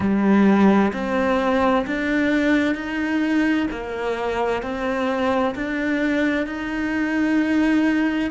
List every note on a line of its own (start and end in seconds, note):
0.00 0.92 G3
0.93 1.85 C4
1.86 2.74 D4
2.74 3.67 D#4
3.70 4.62 A#3
4.62 5.54 C4
5.55 6.46 D4
6.46 8.31 D#4